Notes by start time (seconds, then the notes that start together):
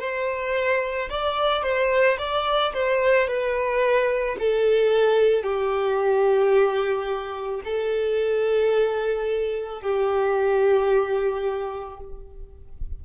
0.00 C5
1.09 D5
1.63 C5
2.18 D5
2.73 C5
3.27 B4
4.39 A4
5.43 G4
7.64 A4
9.81 G4